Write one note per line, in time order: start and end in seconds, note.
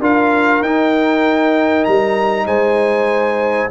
0.00 0.61 D4
0.00 0.63 F4
0.00 2.46 A#4
0.00 0.62 F5
0.61 1.85 D#4
0.61 3.70 D#4
0.61 1.84 G5
1.84 2.46 G3
1.84 2.46 A#5
2.46 3.70 G#3
2.46 3.70 C5
2.46 3.70 G#5